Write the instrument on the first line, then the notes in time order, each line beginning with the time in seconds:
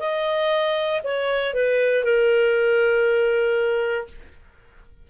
clarinet
0.00 D#5
1.04 C#5
1.54 B4
2.04 A#4